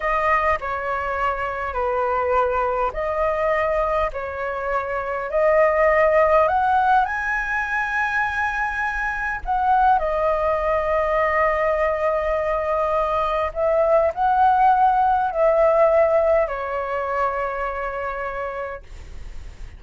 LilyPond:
\new Staff \with { instrumentName = "flute" } { \time 4/4 \tempo 4 = 102 dis''4 cis''2 b'4~ | b'4 dis''2 cis''4~ | cis''4 dis''2 fis''4 | gis''1 |
fis''4 dis''2.~ | dis''2. e''4 | fis''2 e''2 | cis''1 | }